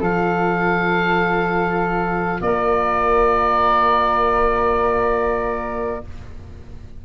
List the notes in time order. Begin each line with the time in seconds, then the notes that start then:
0.00 F3 F4 A4 F5
2.41 A#3 A#4 D5